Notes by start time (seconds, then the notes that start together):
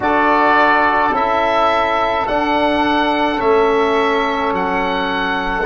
0.00 D4 F#4 A4 D5
1.12 C#4 E4 E5
2.26 D4 F#5
3.37 A3 C#4 E5
4.52 F#3 F#5